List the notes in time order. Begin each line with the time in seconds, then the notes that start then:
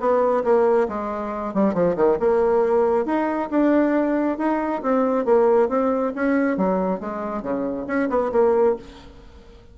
0.00 B3
0.44 A#3
0.89 G#3
1.54 G3
1.74 F3
1.96 D#3
2.20 A#3
3.06 D#4
3.50 D4
4.38 D#4
4.82 C4
5.25 A#3
5.69 C4
6.15 C#4
6.57 F#3
7.00 G#3
7.43 C#3
7.87 C#4
8.10 B3
8.32 A#3